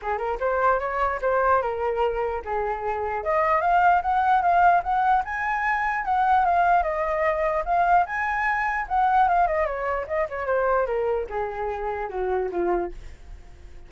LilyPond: \new Staff \with { instrumentName = "flute" } { \time 4/4 \tempo 4 = 149 gis'8 ais'8 c''4 cis''4 c''4 | ais'2 gis'2 | dis''4 f''4 fis''4 f''4 | fis''4 gis''2 fis''4 |
f''4 dis''2 f''4 | gis''2 fis''4 f''8 dis''8 | cis''4 dis''8 cis''8 c''4 ais'4 | gis'2 fis'4 f'4 | }